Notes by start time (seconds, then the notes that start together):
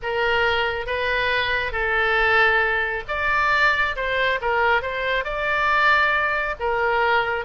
0.02 A#4
0.86 B4
1.72 A4
3.08 D5
3.95 C5
4.41 A#4
4.82 C5
5.24 D5
6.59 A#4